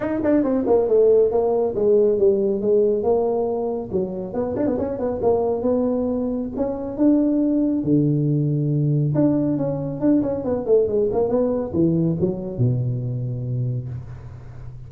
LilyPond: \new Staff \with { instrumentName = "tuba" } { \time 4/4 \tempo 4 = 138 dis'8 d'8 c'8 ais8 a4 ais4 | gis4 g4 gis4 ais4~ | ais4 fis4 b8 d'16 b16 cis'8 b8 | ais4 b2 cis'4 |
d'2 d2~ | d4 d'4 cis'4 d'8 cis'8 | b8 a8 gis8 ais8 b4 e4 | fis4 b,2. | }